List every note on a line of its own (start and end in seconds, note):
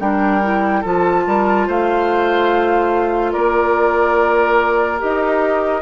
0.00 0.84 G3
0.00 0.42 D4
0.00 0.81 A#4
0.00 0.83 G5
0.42 0.84 E4
0.81 1.27 F3
0.81 4.99 F4
0.81 1.23 A4
0.81 1.70 A5
1.27 1.68 G3
1.27 1.67 A#4
1.67 3.35 A3
1.67 3.33 C5
1.67 3.33 F5
3.33 5.02 A#3
3.33 5.82 A#4
3.33 4.99 D5
4.99 5.82 D#4
4.99 5.82 G4
4.99 5.82 D#5